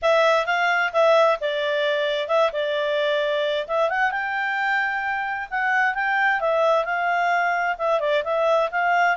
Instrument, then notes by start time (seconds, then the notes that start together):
clarinet
0.02 E5
0.46 F5
0.93 E5
1.40 D5
2.28 E5
2.52 D5
3.67 E5
3.89 F#5
4.11 G5
5.50 F#5
5.94 G5
6.40 E5
6.84 F5
7.78 E5
8.00 D5
8.24 E5
8.71 F5